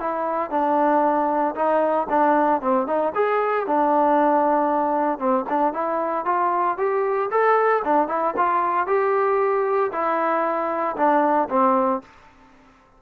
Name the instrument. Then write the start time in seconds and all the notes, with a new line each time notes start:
trombone
0.00 E4
0.50 D4
1.55 D#4
2.09 D4
2.61 C4
2.87 D#4
3.15 G#4
3.67 D4
5.19 C4
5.49 D4
5.73 E4
6.25 F4
6.78 G4
7.30 A4
7.84 D4
8.08 E4
8.36 F4
8.87 G4
9.92 E4
10.96 D4
11.49 C4